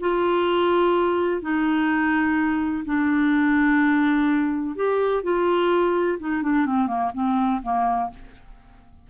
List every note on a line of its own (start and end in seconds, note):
0.00 1.42 F4
1.42 2.84 D#4
2.85 4.76 D4
4.76 5.23 G4
5.23 6.18 F4
6.19 6.42 D#4
6.42 6.66 D4
6.66 6.87 C4
6.87 7.11 A#3
7.14 7.62 C4
7.63 8.10 A#3